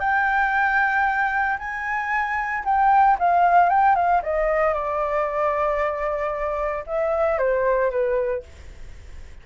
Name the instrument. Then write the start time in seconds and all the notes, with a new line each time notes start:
flute
0.00 G5
1.59 G#5
2.65 G5
3.19 F5
3.70 G5
3.95 F5
4.23 D#5
4.74 D5
6.87 E5
7.39 C5
7.91 B4